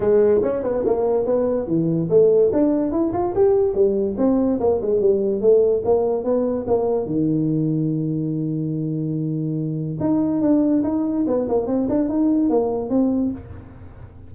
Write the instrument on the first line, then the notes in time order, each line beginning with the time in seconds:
tuba
0.00 G#3
0.42 C#4
0.63 B3
0.85 A#3
1.25 B3
1.67 E3
2.09 A3
2.52 D4
2.91 E4
3.12 F4
3.35 G4
3.74 G3
4.17 C4
4.59 A#3
4.81 G#3
5.00 G3
5.41 A3
5.84 A#3
6.24 B3
6.67 A#3
7.06 D#3
9.99 D#4
10.41 D4
10.83 D#4
11.27 B3
11.48 A#3
11.66 C4
11.88 D4
12.09 D#4
12.49 A#3
12.89 C4